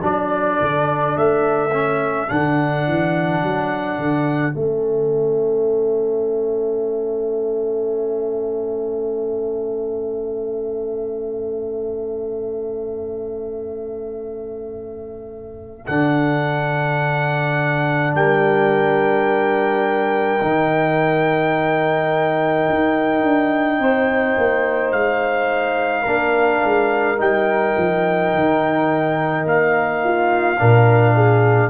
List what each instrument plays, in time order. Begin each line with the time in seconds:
0.00 tuba F#3, trombone D4, horn A4, trumpet D5
0.61 tuba D3
1.16 tuba A3, trumpet E5
1.71 trombone C#4
2.28 tuba D3, trombone D4, trumpet F#5
2.87 tuba E3
3.42 tuba F#3
3.98 tuba D3
4.53 tuba A3, trombone C#4, trumpet E5
15.86 tuba D3, trombone D4, trumpet F#5
18.14 tuba G3, horn A#4, trumpet G5
20.40 tuba D#3, trombone D#4
22.69 tuba D#4
23.23 tuba D4
23.79 tuba C4, horn C5
24.37 tuba A#3
24.92 tuba G#3, trumpet F5
26.02 tuba A#3, trombone D4, horn A#4
26.64 tuba G#3
27.17 tuba G3, trombone D#4, trumpet G5
27.77 tuba F3
28.34 tuba D#3
29.45 tuba A#3, trumpet F5
30.04 horn F4
30.58 tuba A#2, trombone D4, horn A#4
31.15 horn G#4